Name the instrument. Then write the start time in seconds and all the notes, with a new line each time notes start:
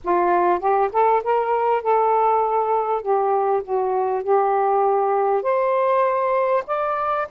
saxophone
0.04 F4
0.59 G4
0.92 A4
1.23 A#4
1.82 A4
3.01 G4
3.63 F#4
4.23 G4
5.42 C5
6.66 D5